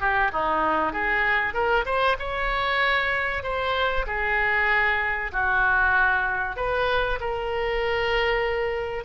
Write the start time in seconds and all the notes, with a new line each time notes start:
0.00 G4
0.32 D#4
0.92 G#4
1.54 A#4
1.85 C5
2.19 C#5
3.43 C5
4.06 G#4
5.32 F#4
6.56 B4
7.20 A#4